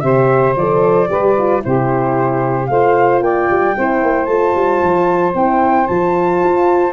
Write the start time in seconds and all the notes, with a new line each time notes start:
0.00 C3 G4 C5 E5
0.56 F3 A4 D5
1.09 G3 G4 B4
1.38 F4
1.60 C3 E4 G4 C5
2.66 A3 F4 C5 F5
3.21 A#3 D5 G5
3.50 G3
3.76 C4 E4 C5
4.03 A#3
4.25 A3 F4 A5
4.55 G3
4.83 F3
5.34 C4 E4 G5
5.87 F3 F4 A5
6.44 F4